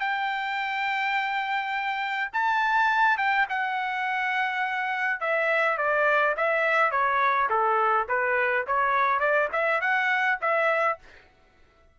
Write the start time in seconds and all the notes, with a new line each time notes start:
0.00 G5
2.33 A5
3.18 G5
3.49 F#5
5.20 E5
5.77 D5
6.37 E5
6.91 C#5
7.49 A4
8.08 B4
8.67 C#5
9.19 D5
9.52 E5
9.81 F#5
10.41 E5